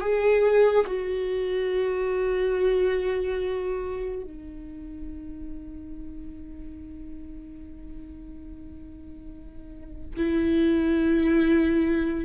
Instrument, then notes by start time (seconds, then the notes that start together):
viola
0.00 G#4
0.86 F#4
4.23 D#4
10.16 E4